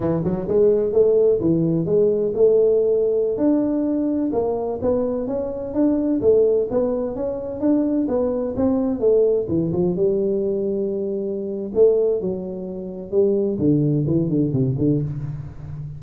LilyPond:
\new Staff \with { instrumentName = "tuba" } { \time 4/4 \tempo 4 = 128 e8 fis8 gis4 a4 e4 | gis4 a2~ a16 d'8.~ | d'4~ d'16 ais4 b4 cis'8.~ | cis'16 d'4 a4 b4 cis'8.~ |
cis'16 d'4 b4 c'4 a8.~ | a16 e8 f8 g2~ g8.~ | g4 a4 fis2 | g4 d4 e8 d8 c8 d8 | }